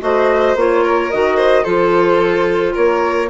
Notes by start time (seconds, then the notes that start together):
0.00 A3 F#4 C5 D#5
0.55 A#3 F4 C#5
0.83 A#4
1.10 D#3 F#4 D#5
1.36 C5
1.63 F3 F4 A4 C5
2.74 A#3 A#4 C#5